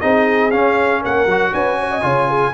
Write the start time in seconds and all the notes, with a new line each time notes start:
0.00 C4 D#4 G#4 D#5
0.51 C#4 F5
1.01 A#3 A#4 F#5
1.26 F#3 F#4
1.53 C#4 B4 G#5
1.80 C#5
1.91 D#5
2.01 C#3 F4 C#5
2.27 G#4